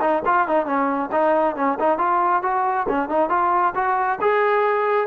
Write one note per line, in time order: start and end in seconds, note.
0.00 0.22 D#4
0.25 0.47 F4
0.47 0.65 D#4
0.65 1.09 C#4
1.11 1.55 D#4
1.56 1.78 C#4
1.79 1.98 D#4
1.98 2.42 F4
2.42 2.86 F#4
2.88 3.09 C#4
3.09 3.29 D#4
3.29 3.73 F4
3.75 4.19 F#4
4.21 5.07 G#4